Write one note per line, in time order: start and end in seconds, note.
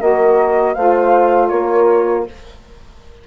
0.00 0.76 A#3
0.00 0.75 F#4
0.00 0.75 A#4
0.00 0.75 D#5
0.75 1.52 A3
0.75 2.28 F4
0.75 1.50 C5
0.75 1.49 F5
1.49 2.27 A#3
1.49 2.26 A#4
1.49 2.24 C#5